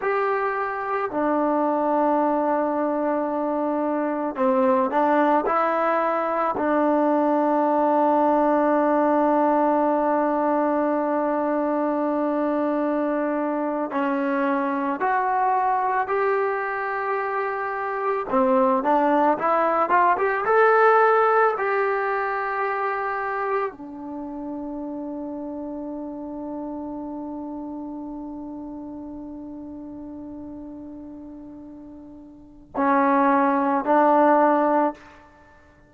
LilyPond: \new Staff \with { instrumentName = "trombone" } { \time 4/4 \tempo 4 = 55 g'4 d'2. | c'8 d'8 e'4 d'2~ | d'1~ | d'8. cis'4 fis'4 g'4~ g'16~ |
g'8. c'8 d'8 e'8 f'16 g'16 a'4 g'16~ | g'4.~ g'16 d'2~ d'16~ | d'1~ | d'2 cis'4 d'4 | }